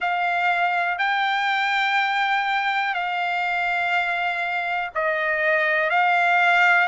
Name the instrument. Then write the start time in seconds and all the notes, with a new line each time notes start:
trumpet
0.00 F5
0.98 G5
2.93 F5
4.94 D#5
5.90 F5